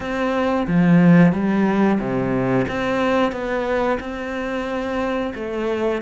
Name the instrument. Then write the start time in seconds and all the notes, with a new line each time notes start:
cello
0.00 C4
0.67 F3
1.32 G3
1.99 C3
2.68 C4
3.32 B3
4.00 C4
5.35 A3